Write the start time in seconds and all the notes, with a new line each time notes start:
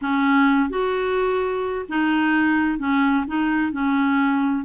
0.01 C#4
0.69 F#4
1.89 D#4
2.78 C#4
3.27 D#4
3.72 C#4